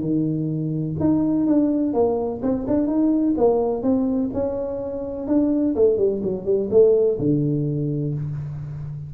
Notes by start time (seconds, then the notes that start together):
0.00 D#3
0.99 D#4
1.46 D4
1.93 A#3
2.42 C4
2.67 D4
2.87 D#4
3.37 A#3
3.82 C4
4.33 C#4
5.27 D4
5.75 A3
5.97 G3
6.23 F#3
6.45 G3
6.70 A3
7.19 D3